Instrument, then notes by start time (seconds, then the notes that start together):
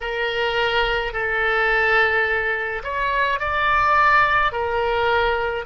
oboe
0.00 A#4
1.12 A4
2.83 C#5
3.39 D5
4.52 A#4